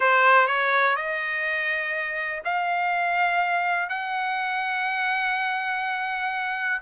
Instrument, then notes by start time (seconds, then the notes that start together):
trumpet
0.00 C5
0.47 C#5
0.96 D#5
2.44 F5
3.89 F#5